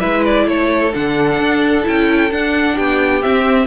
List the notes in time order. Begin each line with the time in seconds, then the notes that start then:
0.00 G#3 E4 B4 E5
0.26 D5
0.47 A3 A4 C#5
0.94 D3 D4 F#5
1.40 D4
1.84 C#4 E4 G5
2.31 D4 F#5
2.75 B3 G4 G5
3.22 C4 E5